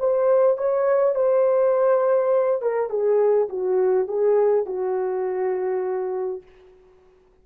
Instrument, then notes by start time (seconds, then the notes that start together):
horn
0.00 C5
0.58 C#5
1.16 C5
2.62 A#4
2.90 G#4
3.49 F#4
4.08 G#4
4.66 F#4